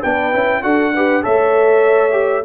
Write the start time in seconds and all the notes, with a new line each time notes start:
0.00 B3 D4 B4 G5
0.32 C#4 E4
0.62 D4 F#4 A4 F#5
0.94 G4 B4
1.22 A3 A4 C#5 E5
2.11 G4